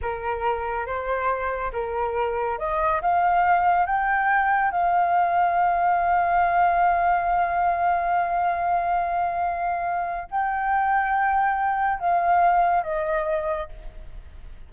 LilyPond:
\new Staff \with { instrumentName = "flute" } { \time 4/4 \tempo 4 = 140 ais'2 c''2 | ais'2 dis''4 f''4~ | f''4 g''2 f''4~ | f''1~ |
f''1~ | f''1 | g''1 | f''2 dis''2 | }